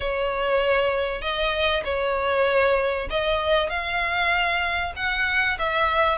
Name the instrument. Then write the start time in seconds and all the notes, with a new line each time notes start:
violin
0.00 C#5
1.21 D#5
1.84 C#5
3.10 D#5
3.69 F5
4.95 F#5
5.58 E5